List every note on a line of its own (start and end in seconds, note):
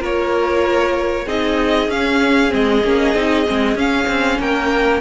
0.00 1.26 A#3
0.00 1.25 F4
0.00 1.26 A#4
0.00 1.29 C#5
1.26 1.89 C4
1.26 1.90 D#4
1.26 4.38 G#4
1.26 1.91 D#5
1.89 2.51 C#4
1.89 2.50 C#4
1.89 2.54 F5
2.50 2.85 G#3
2.50 2.82 C4
2.50 3.79 D#5
2.85 3.15 A#3
2.85 3.15 C#4
3.15 3.46 C4
3.15 3.47 D#4
3.47 3.75 G#3
3.47 3.78 C4
3.75 4.06 C#4
3.75 5.02 C#4
3.75 4.41 F5
4.08 4.39 C4
4.40 5.02 A#3
4.40 5.02 A#4
4.40 5.02 G5